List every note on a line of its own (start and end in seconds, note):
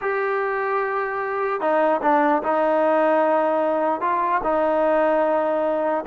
0.01 1.60 G4
1.60 2.01 D#4
2.02 2.42 D4
2.43 4.00 D#4
4.00 4.41 F4
4.43 6.04 D#4